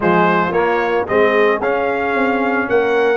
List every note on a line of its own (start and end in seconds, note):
0.00 0.50 F3
0.00 0.52 G#3
0.00 1.08 F4
0.00 0.52 C5
0.50 1.04 A#3
0.50 1.07 A#3
0.50 1.06 C#5
1.07 1.60 G#3
1.07 1.61 C4
1.07 2.68 G#4
1.07 1.61 D#5
1.60 2.14 C#4
1.60 3.16 C#4
1.60 2.69 F5
2.14 2.68 C4
2.68 3.16 A#3
2.68 3.16 A#4
2.68 3.16 F#5